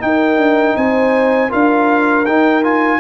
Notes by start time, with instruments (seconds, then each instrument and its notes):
0.00 trombone D#4, tuba D#4, trumpet G5
0.06 horn A#4
0.37 tuba D4
0.77 tuba C4, horn C5, trumpet G#5
1.50 tuba D4, trombone F4, horn A#4, trumpet F5
2.26 tuba D#4, trombone D#4, trumpet G5
2.64 trombone F4, trumpet G#5